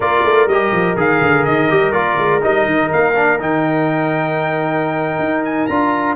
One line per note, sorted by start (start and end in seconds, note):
0.00 0.23 A#3
0.00 0.49 F4
0.00 6.15 A#4
0.00 0.48 D5
0.24 0.47 A3
0.47 0.71 G3
0.47 0.96 G4
0.47 0.96 D#5
0.71 0.95 F3
0.96 1.21 D#3
0.96 1.68 G#4
0.96 1.45 F5
1.21 1.45 D3
1.45 1.71 D#3
1.45 1.91 D#5
1.68 1.91 G3
1.68 1.92 G4
1.91 2.16 A#3
1.91 2.40 F4
1.91 2.40 D5
2.18 2.42 G#3
2.41 2.66 G3
2.41 3.14 D#4
2.41 2.91 D#5
2.66 2.90 D#3
2.92 3.39 A#3
2.92 3.40 F5
3.14 3.39 D4
3.39 5.18 D#3
3.39 5.69 D#4
3.39 5.44 G5
5.18 5.67 D#4
5.44 5.66 G#5
5.66 6.15 D4
5.66 6.15 F4
5.66 6.15 A#5